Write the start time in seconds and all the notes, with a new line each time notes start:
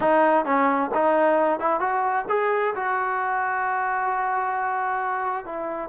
0.00 D#4
0.45 C#4
0.94 D#4
1.59 E4
1.80 F#4
2.29 G#4
2.75 F#4
5.45 E4